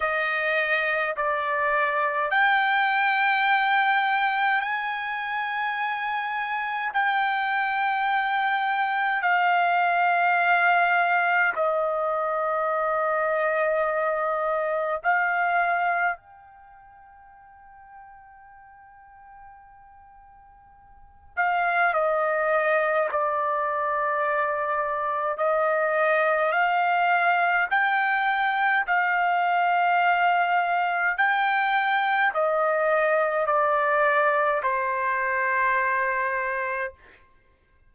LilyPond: \new Staff \with { instrumentName = "trumpet" } { \time 4/4 \tempo 4 = 52 dis''4 d''4 g''2 | gis''2 g''2 | f''2 dis''2~ | dis''4 f''4 g''2~ |
g''2~ g''8 f''8 dis''4 | d''2 dis''4 f''4 | g''4 f''2 g''4 | dis''4 d''4 c''2 | }